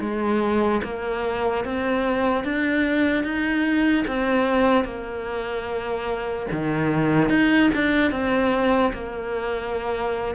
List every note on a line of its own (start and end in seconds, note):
0.00 0.81 G#3
0.83 1.64 A#3
1.64 2.44 C4
2.44 3.24 D4
3.24 4.05 D#4
4.07 4.84 C4
4.84 6.46 A#3
6.51 7.29 D#3
7.29 7.70 D#4
7.74 8.11 D4
8.11 8.92 C4
8.93 10.35 A#3